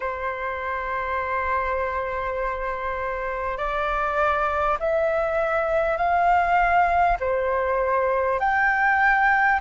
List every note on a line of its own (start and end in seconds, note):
0.00 3.57 C5
3.57 4.77 D5
4.79 5.97 E5
5.97 7.17 F5
7.19 8.39 C5
8.39 9.59 G5